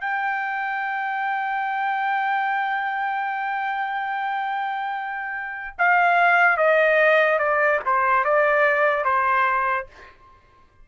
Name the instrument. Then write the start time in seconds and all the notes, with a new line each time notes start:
trumpet
0.00 G5
5.78 F5
6.57 D#5
7.38 D5
7.85 C5
8.24 D5
9.04 C5